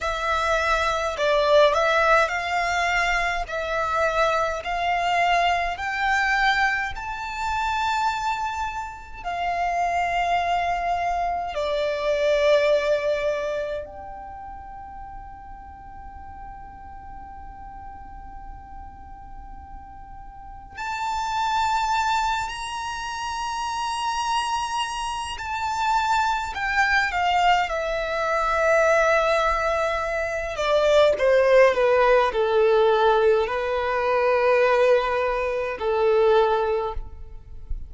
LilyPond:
\new Staff \with { instrumentName = "violin" } { \time 4/4 \tempo 4 = 52 e''4 d''8 e''8 f''4 e''4 | f''4 g''4 a''2 | f''2 d''2 | g''1~ |
g''2 a''4. ais''8~ | ais''2 a''4 g''8 f''8 | e''2~ e''8 d''8 c''8 b'8 | a'4 b'2 a'4 | }